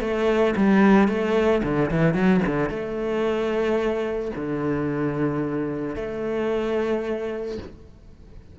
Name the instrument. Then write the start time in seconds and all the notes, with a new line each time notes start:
cello
0.00 A3
0.56 G3
1.08 A3
1.63 D3
1.91 E3
2.14 F#3
2.46 D3
2.70 A3
4.36 D3
5.96 A3